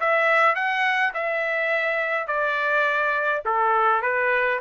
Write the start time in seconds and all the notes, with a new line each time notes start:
0.00 E5
0.55 F#5
1.14 E5
2.27 D5
3.45 A4
4.02 B4